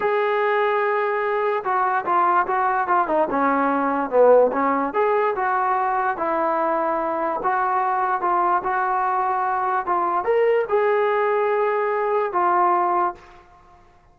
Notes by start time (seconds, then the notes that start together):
0.00 G#4
1.63 F#4
2.05 F4
2.47 F#4
2.87 F4
3.07 D#4
3.30 C#4
4.10 B3
4.52 C#4
4.93 G#4
5.35 F#4
6.17 E4
7.43 F#4
8.21 F4
8.63 F#4
9.86 F4
10.24 A#4
10.68 G#4
12.32 F4